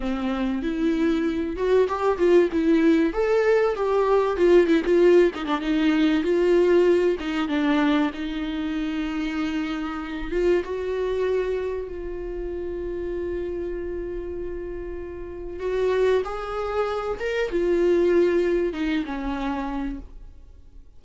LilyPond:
\new Staff \with { instrumentName = "viola" } { \time 4/4 \tempo 4 = 96 c'4 e'4. fis'8 g'8 f'8 | e'4 a'4 g'4 f'8 e'16 f'16~ | f'8 dis'16 d'16 dis'4 f'4. dis'8 | d'4 dis'2.~ |
dis'8 f'8 fis'2 f'4~ | f'1~ | f'4 fis'4 gis'4. ais'8 | f'2 dis'8 cis'4. | }